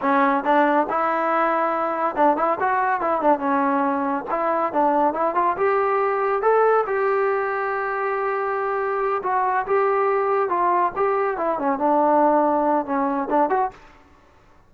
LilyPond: \new Staff \with { instrumentName = "trombone" } { \time 4/4 \tempo 4 = 140 cis'4 d'4 e'2~ | e'4 d'8 e'8 fis'4 e'8 d'8 | cis'2 e'4 d'4 | e'8 f'8 g'2 a'4 |
g'1~ | g'4. fis'4 g'4.~ | g'8 f'4 g'4 e'8 cis'8 d'8~ | d'2 cis'4 d'8 fis'8 | }